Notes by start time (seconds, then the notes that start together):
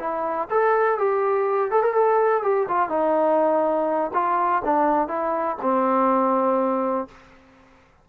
0.00 E4
0.51 A4
0.99 G4
1.72 A4
1.83 A#4
1.94 A4
2.43 G4
2.69 F4
2.90 D#4
4.14 F4
4.65 D4
5.08 E4
5.62 C4